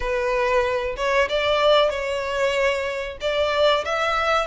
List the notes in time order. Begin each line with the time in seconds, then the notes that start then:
0.00 B4
0.96 C#5
1.29 D5
1.89 C#5
3.20 D5
3.85 E5